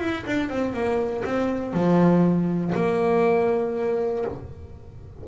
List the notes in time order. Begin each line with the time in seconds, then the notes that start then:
0.00 E4
0.26 D4
0.49 C4
0.73 A#3
1.25 C4
1.73 F3
2.75 A#3